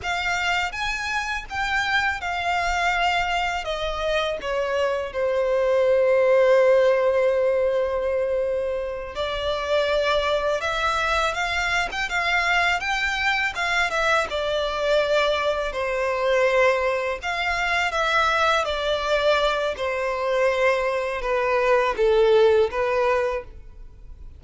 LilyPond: \new Staff \with { instrumentName = "violin" } { \time 4/4 \tempo 4 = 82 f''4 gis''4 g''4 f''4~ | f''4 dis''4 cis''4 c''4~ | c''1~ | c''8 d''2 e''4 f''8~ |
f''16 g''16 f''4 g''4 f''8 e''8 d''8~ | d''4. c''2 f''8~ | f''8 e''4 d''4. c''4~ | c''4 b'4 a'4 b'4 | }